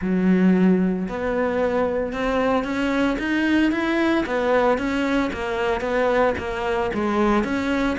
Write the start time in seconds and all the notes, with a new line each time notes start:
0.01 F#3
1.08 B3
2.12 C4
2.64 C#4
3.19 D#4
3.71 E4
4.26 B3
4.77 C#4
5.32 A#3
5.80 B3
6.37 A#3
6.93 G#3
7.43 C#4